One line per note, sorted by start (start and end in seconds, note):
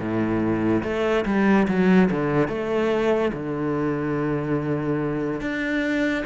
0.00 0.83 A2
0.84 1.25 A3
1.26 1.67 G3
1.68 2.10 F#3
2.11 2.48 D3
2.48 3.32 A3
3.34 5.41 D3
5.41 6.24 D4